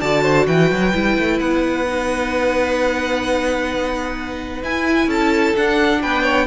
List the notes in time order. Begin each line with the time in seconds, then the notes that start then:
0.00 D3 F#4 D5 A5
0.23 C5
0.47 E3 B4 G5
0.70 F#3
0.93 G3 E4
1.18 A3
1.39 B3 F#5
1.87 D#4
4.63 E4 G#5
5.07 C#4 A4 A5
5.56 D4 F#5
6.02 B3 B4 G5
6.23 C#5